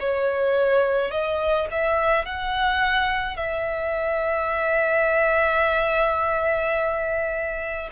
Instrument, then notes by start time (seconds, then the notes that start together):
violin
0.00 C#5
1.11 D#5
1.71 E5
2.26 F#5
3.37 E5